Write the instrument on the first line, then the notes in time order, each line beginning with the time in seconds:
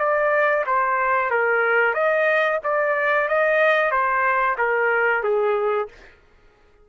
trumpet
0.00 D5
0.67 C5
1.31 A#4
1.95 D#5
2.64 D5
3.29 D#5
3.92 C5
4.59 A#4
5.24 G#4